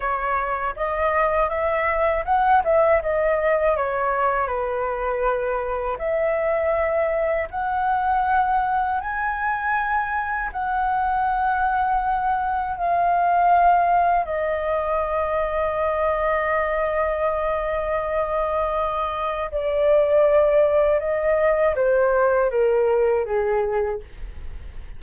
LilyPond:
\new Staff \with { instrumentName = "flute" } { \time 4/4 \tempo 4 = 80 cis''4 dis''4 e''4 fis''8 e''8 | dis''4 cis''4 b'2 | e''2 fis''2 | gis''2 fis''2~ |
fis''4 f''2 dis''4~ | dis''1~ | dis''2 d''2 | dis''4 c''4 ais'4 gis'4 | }